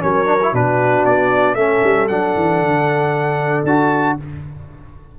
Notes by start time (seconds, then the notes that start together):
0.00 F#3 C#4 A#4 C#5
0.25 D4
0.42 E4
0.53 B2 D4 F#4 B4
1.05 B3 D5
1.55 A3 C#4 A4 E5
1.84 G3
2.08 F#3 D4 F#5
2.35 E3
2.61 D3
3.64 D4 F#4 A5